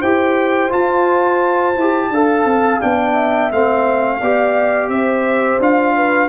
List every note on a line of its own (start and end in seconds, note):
0.00 0.72 E4
0.00 0.70 G4
0.00 2.09 C5
0.00 0.71 G5
0.70 1.74 F4
0.70 1.76 F4
0.70 2.81 A5
1.76 2.10 E4
1.76 2.13 G4
2.10 2.45 D4
2.10 2.81 A4
2.10 3.13 F5
2.45 2.80 C4
2.81 3.52 B3
2.81 3.51 D4
2.81 3.51 G5
3.13 4.18 E5
3.51 4.21 A3
3.51 4.21 C4
3.51 4.89 F5
4.20 4.88 B3
4.20 5.60 G4
4.20 4.90 D5
4.88 5.58 C4
4.88 5.96 C5
4.88 5.59 E5
5.60 6.28 D4
5.60 6.28 F4
5.60 6.28 F5
5.96 6.28 B4